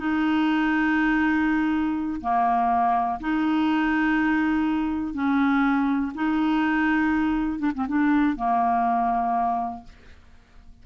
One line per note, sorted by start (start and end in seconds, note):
0.00 2.21 D#4
2.21 3.20 A#3
3.21 5.14 D#4
5.14 6.13 C#4
6.15 7.60 D#4
7.60 7.72 D4
7.75 7.87 C4
7.88 8.37 D4
8.37 9.84 A#3